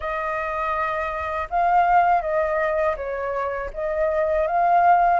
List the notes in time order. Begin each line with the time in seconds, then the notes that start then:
0.00 D#5
1.49 F5
2.21 D#5
2.96 C#5
3.73 D#5
4.47 F5